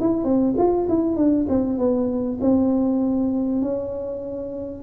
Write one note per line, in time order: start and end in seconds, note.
0.00 0.24 E4
0.24 0.55 C4
0.58 0.88 F4
0.88 1.16 E4
1.16 1.46 D4
1.49 1.78 C4
1.78 2.39 B3
2.41 3.62 C4
3.62 4.83 C#4